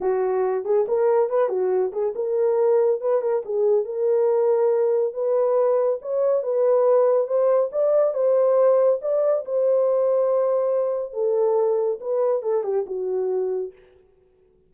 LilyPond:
\new Staff \with { instrumentName = "horn" } { \time 4/4 \tempo 4 = 140 fis'4. gis'8 ais'4 b'8 fis'8~ | fis'8 gis'8 ais'2 b'8 ais'8 | gis'4 ais'2. | b'2 cis''4 b'4~ |
b'4 c''4 d''4 c''4~ | c''4 d''4 c''2~ | c''2 a'2 | b'4 a'8 g'8 fis'2 | }